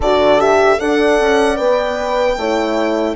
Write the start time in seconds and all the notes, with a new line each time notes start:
0.00 D3 F#4 A4 D5
0.38 G4 E5
0.79 D4 A4 D5 F#5
1.20 C#4
1.56 B3 B4 G5
2.37 A3 E4 C#5